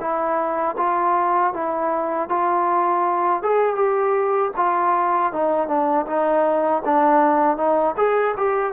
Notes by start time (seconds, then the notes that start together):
0.00 E4
0.77 F4
1.53 E4
2.29 F4
3.43 G#4
3.76 G4
4.57 F4
5.33 D#4
5.68 D4
6.07 D#4
6.85 D4
7.57 D#4
7.97 G#4
8.37 G4